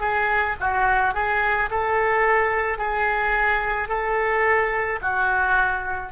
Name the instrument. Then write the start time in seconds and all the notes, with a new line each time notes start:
oboe
0.00 G#4
0.60 F#4
1.14 G#4
1.70 A4
2.78 G#4
3.88 A4
5.02 F#4